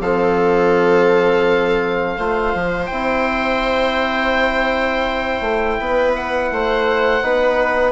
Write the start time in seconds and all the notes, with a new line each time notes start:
0.00 F3 C4 A4 F5
2.17 A3 F4 C5
2.54 F3
2.86 C4 E4 G5
5.41 A3
5.80 B3 B4
6.16 F#5
6.51 A3 C5
7.22 B3 D#4 B4